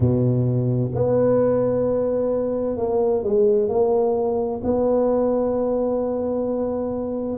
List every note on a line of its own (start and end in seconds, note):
0.00 0.91 B2
0.94 2.77 B3
2.77 3.23 A#3
3.23 3.68 G#3
3.68 4.61 A#3
4.63 7.37 B3